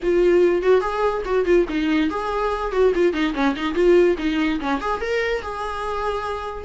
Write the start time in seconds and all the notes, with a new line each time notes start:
0.02 F4
0.62 F#4
0.80 G#4
1.25 F#4
1.45 F4
1.68 D#4
2.10 G#4
2.71 F#4
2.94 F4
3.13 D#4
3.34 C#4
3.55 D#4
3.74 F4
4.18 D#4
4.59 C#4
4.80 G#4
5.00 A#4
5.42 G#4